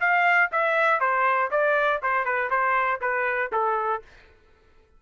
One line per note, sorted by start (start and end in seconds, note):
0.00 0.50 F5
0.51 1.00 E5
1.00 1.50 C5
1.51 2.01 D5
2.02 2.25 C5
2.25 2.50 B4
2.50 3.00 C5
3.01 3.51 B4
3.52 4.02 A4